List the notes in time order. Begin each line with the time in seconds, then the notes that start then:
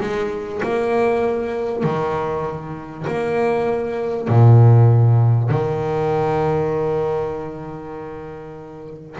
0.00 G#3
0.63 A#3
1.83 D#3
3.07 A#3
4.28 A#2
5.50 D#3